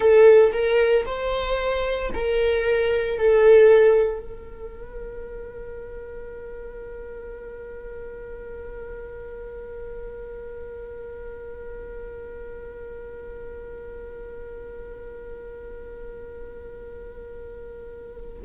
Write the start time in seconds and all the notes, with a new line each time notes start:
0.00 A4
0.52 A#4
1.05 C5
2.14 A#4
3.18 A4
4.19 A#4